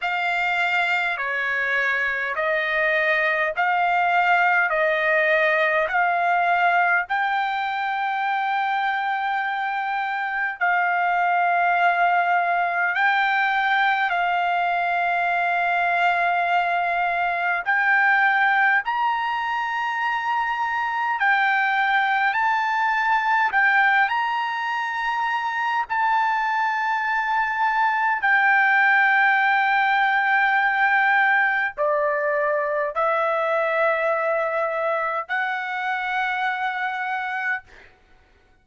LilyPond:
\new Staff \with { instrumentName = "trumpet" } { \time 4/4 \tempo 4 = 51 f''4 cis''4 dis''4 f''4 | dis''4 f''4 g''2~ | g''4 f''2 g''4 | f''2. g''4 |
ais''2 g''4 a''4 | g''8 ais''4. a''2 | g''2. d''4 | e''2 fis''2 | }